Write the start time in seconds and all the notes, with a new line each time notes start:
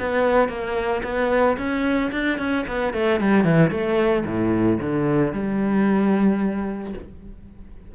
0.00 B3
0.49 A#3
1.03 B3
1.58 C#4
2.12 D4
2.39 C#4
2.68 B3
2.94 A3
3.20 G3
3.44 E3
3.71 A3
4.26 A2
4.81 D3
5.33 G3